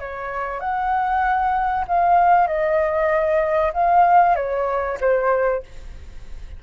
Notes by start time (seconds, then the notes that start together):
0.00 C#5
0.61 F#5
1.88 F5
2.48 D#5
3.73 F5
4.36 C#5
5.01 C5